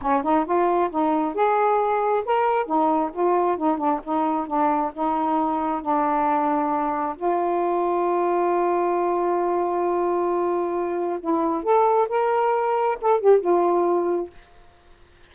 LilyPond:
\new Staff \with { instrumentName = "saxophone" } { \time 4/4 \tempo 4 = 134 cis'8 dis'8 f'4 dis'4 gis'4~ | gis'4 ais'4 dis'4 f'4 | dis'8 d'8 dis'4 d'4 dis'4~ | dis'4 d'2. |
f'1~ | f'1~ | f'4 e'4 a'4 ais'4~ | ais'4 a'8 g'8 f'2 | }